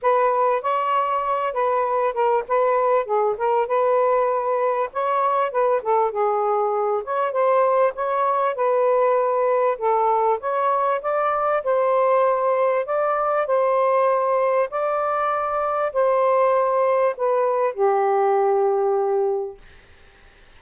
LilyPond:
\new Staff \with { instrumentName = "saxophone" } { \time 4/4 \tempo 4 = 98 b'4 cis''4. b'4 ais'8 | b'4 gis'8 ais'8 b'2 | cis''4 b'8 a'8 gis'4. cis''8 | c''4 cis''4 b'2 |
a'4 cis''4 d''4 c''4~ | c''4 d''4 c''2 | d''2 c''2 | b'4 g'2. | }